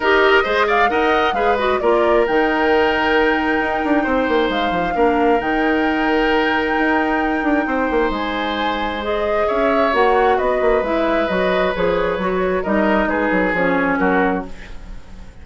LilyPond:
<<
  \new Staff \with { instrumentName = "flute" } { \time 4/4 \tempo 4 = 133 dis''4. f''8 fis''4 f''8 dis''8 | d''4 g''2.~ | g''2 f''2 | g''1~ |
g''2 gis''2 | dis''4 e''4 fis''4 dis''4 | e''4 dis''4 cis''2 | dis''4 b'4 cis''4 ais'4 | }
  \new Staff \with { instrumentName = "oboe" } { \time 4/4 ais'4 c''8 d''8 dis''4 b'4 | ais'1~ | ais'4 c''2 ais'4~ | ais'1~ |
ais'4 c''2.~ | c''4 cis''2 b'4~ | b'1 | ais'4 gis'2 fis'4 | }
  \new Staff \with { instrumentName = "clarinet" } { \time 4/4 g'4 gis'4 ais'4 gis'8 fis'8 | f'4 dis'2.~ | dis'2. d'4 | dis'1~ |
dis'1 | gis'2 fis'2 | e'4 fis'4 gis'4 fis'4 | dis'2 cis'2 | }
  \new Staff \with { instrumentName = "bassoon" } { \time 4/4 dis'4 gis4 dis'4 gis4 | ais4 dis2. | dis'8 d'8 c'8 ais8 gis8 f8 ais4 | dis2. dis'4~ |
dis'8 d'8 c'8 ais8 gis2~ | gis4 cis'4 ais4 b8 ais8 | gis4 fis4 f4 fis4 | g4 gis8 fis8 f4 fis4 | }
>>